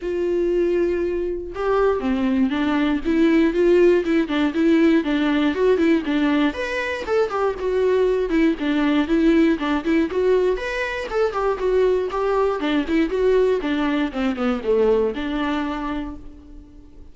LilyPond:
\new Staff \with { instrumentName = "viola" } { \time 4/4 \tempo 4 = 119 f'2. g'4 | c'4 d'4 e'4 f'4 | e'8 d'8 e'4 d'4 fis'8 e'8 | d'4 b'4 a'8 g'8 fis'4~ |
fis'8 e'8 d'4 e'4 d'8 e'8 | fis'4 b'4 a'8 g'8 fis'4 | g'4 d'8 e'8 fis'4 d'4 | c'8 b8 a4 d'2 | }